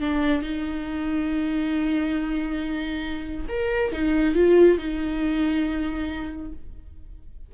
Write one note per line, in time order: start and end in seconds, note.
0.00 0.42 D4
0.42 3.46 D#4
3.48 3.92 A#4
3.92 4.35 D#4
4.35 4.78 F4
4.78 6.52 D#4